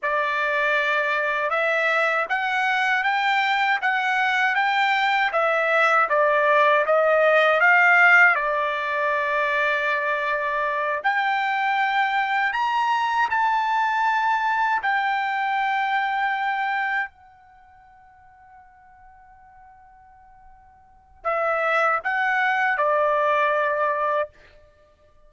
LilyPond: \new Staff \with { instrumentName = "trumpet" } { \time 4/4 \tempo 4 = 79 d''2 e''4 fis''4 | g''4 fis''4 g''4 e''4 | d''4 dis''4 f''4 d''4~ | d''2~ d''8 g''4.~ |
g''8 ais''4 a''2 g''8~ | g''2~ g''8 fis''4.~ | fis''1 | e''4 fis''4 d''2 | }